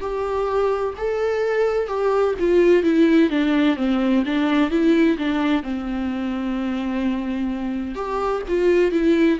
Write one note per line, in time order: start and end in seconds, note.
0.00 0.94 G4
0.97 1.87 A4
1.87 2.34 G4
2.39 2.83 F4
2.83 3.29 E4
3.29 3.76 D4
3.76 4.23 C4
4.25 4.70 D4
4.70 5.17 E4
5.17 5.62 D4
5.62 7.95 C4
7.95 8.42 G4
8.48 8.91 F4
8.91 9.38 E4